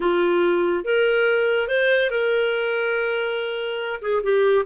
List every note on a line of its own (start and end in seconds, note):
0.00 0.84 F4
0.84 1.68 A#4
1.68 2.10 C5
2.10 4.00 A#4
4.01 4.23 G#4
4.23 4.65 G4